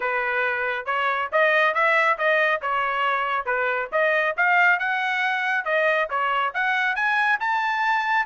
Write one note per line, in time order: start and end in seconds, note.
0.00 0.85 B4
0.85 1.29 C#5
1.32 1.74 D#5
1.74 2.17 E5
2.17 2.61 D#5
2.61 3.45 C#5
3.45 3.89 B4
3.92 4.35 D#5
4.36 4.79 F5
4.79 5.65 F#5
5.65 6.08 D#5
6.09 6.53 C#5
6.53 6.95 F#5
6.95 7.39 G#5
7.40 8.26 A5